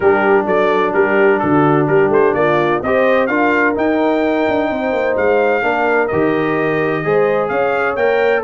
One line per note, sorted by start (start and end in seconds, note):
0.00 0.46 G3
0.00 2.84 D4
0.00 0.45 G4
0.00 0.46 A#4
0.45 0.93 F#3
0.45 0.92 A4
0.45 0.93 D5
0.93 1.41 G3
0.93 1.41 G4
0.93 1.39 A#4
1.39 1.88 D3
1.39 1.89 F#4
1.39 1.86 A4
1.87 2.08 G3
1.87 2.36 G4
1.87 2.11 A#4
2.08 2.32 A3
2.08 2.34 C5
2.34 2.81 A#3
2.34 2.83 F4
2.34 2.81 D5
2.82 3.28 C4
2.82 3.29 G4
2.82 3.28 C5
2.82 3.26 D#5
3.26 3.75 D4
3.26 3.75 F4
3.26 4.69 A#4
3.26 3.73 F5
3.75 5.62 D#4
3.75 4.46 D#4
3.75 5.16 G5
4.48 4.70 D4
4.70 4.92 C4
4.70 5.63 C5
4.92 5.16 A#3
5.16 5.62 G#3
5.16 6.07 F5
5.62 6.08 A#3
5.62 6.09 D4
5.62 7.04 A#4
6.07 7.05 D#3
6.07 7.03 G4
6.07 7.48 D#5
7.03 7.50 G#3
7.03 7.97 G#4
7.03 7.49 C5
7.48 7.96 C#4
7.48 8.42 C#5
7.48 7.95 F5
7.96 8.43 A#3
7.96 8.43 A#4
7.96 8.43 G5